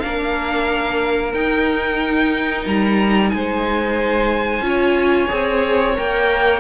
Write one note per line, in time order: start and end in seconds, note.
0.00 1.34 A#3
0.00 1.34 D4
0.00 3.33 A#4
0.00 1.32 F5
1.34 2.66 D#4
1.34 4.63 D#4
1.34 2.66 G5
2.66 3.32 G3
2.66 3.30 A#5
3.30 4.61 G#3
3.30 4.66 C5
3.30 5.94 G#5
4.61 5.27 C#4
4.61 5.29 F4
4.61 6.60 C#5
5.29 5.98 C4
5.29 5.95 G#4
5.95 6.60 A#3
5.95 6.60 A#4
5.95 6.60 G5